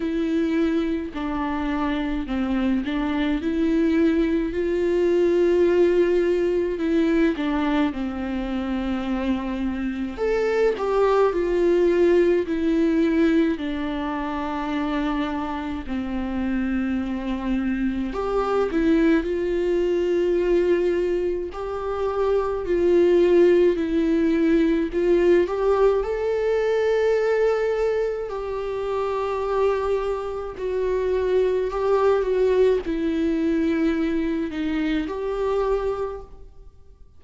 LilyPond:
\new Staff \with { instrumentName = "viola" } { \time 4/4 \tempo 4 = 53 e'4 d'4 c'8 d'8 e'4 | f'2 e'8 d'8 c'4~ | c'4 a'8 g'8 f'4 e'4 | d'2 c'2 |
g'8 e'8 f'2 g'4 | f'4 e'4 f'8 g'8 a'4~ | a'4 g'2 fis'4 | g'8 fis'8 e'4. dis'8 g'4 | }